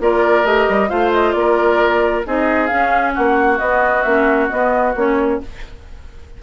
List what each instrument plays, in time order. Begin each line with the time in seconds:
0.00 bassoon A#3, clarinet F4, oboe A#4, flute D5
0.44 bassoon A3, clarinet G4, flute D#5
0.69 bassoon G3
0.89 bassoon A3, clarinet F4, oboe C5, flute F5
1.13 flute D#5
1.32 bassoon A#3, flute D5
1.39 oboe A#4
2.26 bassoon C4, clarinet D#4, oboe G#4, flute D#5
2.67 clarinet C#4, bassoon C#4, flute F5
3.14 bassoon A#3, oboe F#4, flute F#5
3.59 bassoon B3, clarinet B3, flute D#5
4.03 bassoon A#3, clarinet C#4, flute E5
4.49 clarinet B3, bassoon B3, flute D#5
4.95 bassoon A#3, clarinet C#4, flute C#5